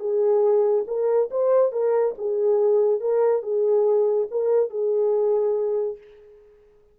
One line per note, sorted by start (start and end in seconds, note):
0.00 0.85 G#4
0.87 1.30 A#4
1.31 1.73 C5
1.73 2.15 A#4
2.18 3.01 G#4
3.01 3.43 A#4
3.43 4.28 G#4
4.31 4.70 A#4
4.70 5.98 G#4